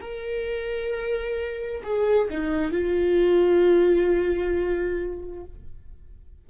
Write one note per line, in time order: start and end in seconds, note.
0.00 1.82 A#4
1.83 2.28 G#4
2.30 2.71 D#4
2.71 5.44 F4